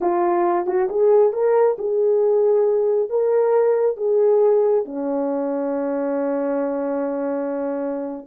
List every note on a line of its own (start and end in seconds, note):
0.00 0.66 F4
0.66 0.88 F#4
0.89 1.32 G#4
1.32 1.76 A#4
1.78 3.09 G#4
3.09 3.97 A#4
3.97 4.85 G#4
4.85 8.26 C#4